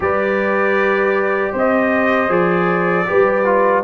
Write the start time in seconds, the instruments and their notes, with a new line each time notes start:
0.00 tuba G3, trombone G4, horn B4, trumpet D5
1.52 tuba C4, horn C5, trumpet D#5
2.28 tuba F3, trombone G#4, trumpet D5
3.06 tuba G3, trombone G4, horn B4
3.44 trombone F4